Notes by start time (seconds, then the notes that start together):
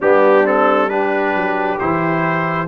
0.00 G3 B3 D4 G4
0.44 C4 A4
0.89 D4 G4 B4
1.34 F#3
1.79 E3 E4 C5